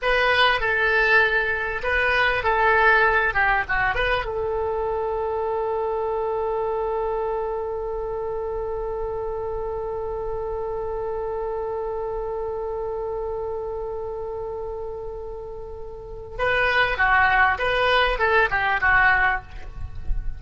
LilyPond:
\new Staff \with { instrumentName = "oboe" } { \time 4/4 \tempo 4 = 99 b'4 a'2 b'4 | a'4. g'8 fis'8 b'8 a'4~ | a'1~ | a'1~ |
a'1~ | a'1~ | a'2. b'4 | fis'4 b'4 a'8 g'8 fis'4 | }